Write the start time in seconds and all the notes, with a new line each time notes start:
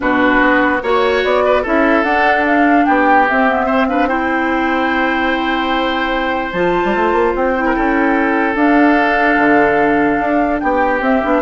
0.00 B2 D4 F#4 B4
0.41 B3
0.82 A#3 F#4 C#5
1.24 B3 D5
1.45 B4
1.62 C#4 E4 A4 E5
2.03 D4 F#5
2.45 F5
2.85 B3 G4 G5
3.28 C4 E5
3.48 B3
3.66 C4 C5
3.87 D4 B4 F5
4.07 E4 C5 G5
6.52 F3 F4 A5
6.84 G3
6.94 A3
7.12 A#3
7.35 C4 G5
7.56 E4
7.65 A#4
7.75 C#4 A4
8.55 D4 F5
9.37 D3
10.19 D4
10.59 B3 G4 G5
11.00 C4 E5
11.22 B3 D4